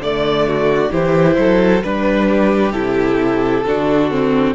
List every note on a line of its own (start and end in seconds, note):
0.00 0.91 D3
0.00 0.90 A3
0.00 0.94 D5
0.00 0.48 D5
0.48 0.92 F#4
0.90 1.37 E3
0.90 1.81 E4
0.90 1.38 G4
0.90 1.83 C5
1.38 1.84 F#3
1.38 1.84 A4
1.83 2.73 G3
1.83 2.73 D4
1.83 2.73 B4
1.83 2.28 B4
2.28 3.65 G4
2.73 3.63 C3
2.73 3.64 E4
2.73 4.54 A4
3.65 4.55 D3
3.65 4.11 D4
3.65 4.55 F#4
4.11 4.55 C4